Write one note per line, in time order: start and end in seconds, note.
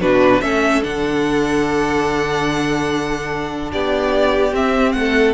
0.00 0.41 B2
0.00 0.42 D4
0.00 0.42 F#4
0.00 0.42 B4
0.41 0.82 A3
0.41 0.83 C#4
0.41 3.71 A4
0.41 0.83 E5
0.83 3.73 D3
0.83 4.53 D4
0.83 3.72 F#5
3.71 4.53 B3
3.71 4.95 G4
3.71 4.55 D5
4.53 4.94 C4
4.53 5.35 C4
4.53 4.93 E5
4.93 5.35 A3
4.93 5.34 F#5
5.00 5.35 A4